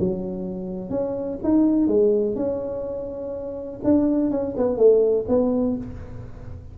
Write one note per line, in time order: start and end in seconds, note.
0.00 0.90 F#3
0.90 1.39 C#4
1.44 1.88 D#4
1.88 2.36 G#3
2.36 3.81 C#4
3.84 4.31 D4
4.31 4.55 C#4
4.57 4.78 B3
4.78 5.26 A3
5.29 5.77 B3